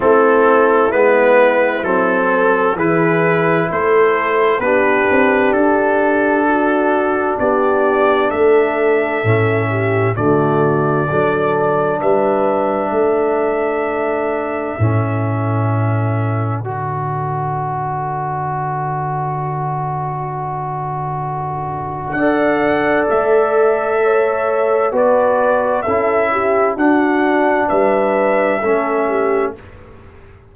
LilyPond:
<<
  \new Staff \with { instrumentName = "trumpet" } { \time 4/4 \tempo 4 = 65 a'4 b'4 a'4 b'4 | c''4 b'4 a'2 | d''4 e''2 d''4~ | d''4 e''2.~ |
e''2 d''2~ | d''1 | fis''4 e''2 d''4 | e''4 fis''4 e''2 | }
  \new Staff \with { instrumentName = "horn" } { \time 4/4 e'2~ e'8 a'8 gis'4 | a'4 g'2 fis'4 | g'4 a'4. g'8 fis'4 | a'4 b'4 a'2~ |
a'1~ | a'1 | d''2 cis''4 b'4 | a'8 g'8 fis'4 b'4 a'8 g'8 | }
  \new Staff \with { instrumentName = "trombone" } { \time 4/4 c'4 b4 c'4 e'4~ | e'4 d'2.~ | d'2 cis'4 a4 | d'1 |
cis'2 fis'2~ | fis'1 | a'2. fis'4 | e'4 d'2 cis'4 | }
  \new Staff \with { instrumentName = "tuba" } { \time 4/4 a4 gis4 fis4 e4 | a4 b8 c'8 d'2 | b4 a4 a,4 d4 | fis4 g4 a2 |
a,2 d2~ | d1 | d'4 a2 b4 | cis'4 d'4 g4 a4 | }
>>